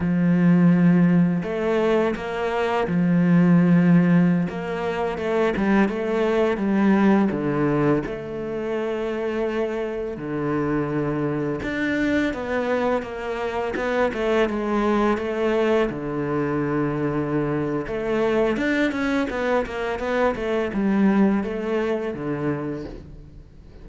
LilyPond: \new Staff \with { instrumentName = "cello" } { \time 4/4 \tempo 4 = 84 f2 a4 ais4 | f2~ f16 ais4 a8 g16~ | g16 a4 g4 d4 a8.~ | a2~ a16 d4.~ d16~ |
d16 d'4 b4 ais4 b8 a16~ | a16 gis4 a4 d4.~ d16~ | d4 a4 d'8 cis'8 b8 ais8 | b8 a8 g4 a4 d4 | }